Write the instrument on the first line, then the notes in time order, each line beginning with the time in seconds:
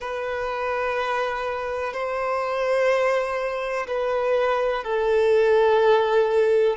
violin
0.00 B4
1.93 C5
3.87 B4
4.83 A4